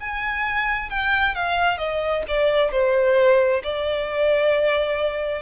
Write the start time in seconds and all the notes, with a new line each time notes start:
0.00 G#5
0.90 G5
1.35 F5
1.78 D#5
2.28 D5
2.71 C5
3.64 D5